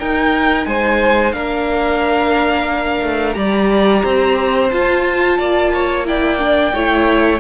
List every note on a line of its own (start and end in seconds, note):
0.00 0.66 D#4
0.00 1.33 D#4
0.00 0.67 A#4
0.00 0.66 G5
0.66 1.33 G#3
0.66 1.35 C5
0.66 1.33 G#5
1.33 3.02 A#3
1.33 3.34 D4
1.33 3.37 A#4
1.33 3.34 F5
3.02 3.36 A3
3.34 4.03 G3
3.34 4.69 G4
3.34 4.04 D5
3.34 4.69 A#5
4.04 4.72 C4
4.04 5.38 C5
4.70 6.05 F4
4.70 5.39 F4
4.70 6.04 A5
5.38 6.74 A#3
5.38 5.72 D5
5.74 6.07 C#5
6.05 6.39 E4
6.05 6.74 D5
6.05 7.40 G5
6.39 6.73 D4
6.74 7.40 A3
6.74 7.40 E4
6.74 7.40 C#5